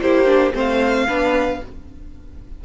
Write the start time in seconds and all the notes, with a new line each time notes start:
0.00 A#3 E4 G4 C5
0.26 D4
0.54 A3 C4 C5 F5
1.07 B3 D4 B4